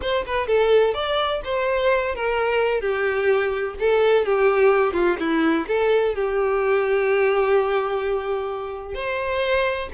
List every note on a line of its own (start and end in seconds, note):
0.01 0.25 C5
0.26 0.47 B4
0.47 0.93 A4
0.93 1.41 D5
1.44 2.15 C5
2.15 2.80 A#4
2.80 3.75 G4
3.79 4.25 A4
4.25 4.93 G4
4.93 5.16 F4
5.19 5.66 E4
5.67 6.14 A4
6.14 8.94 G4
8.94 9.89 C5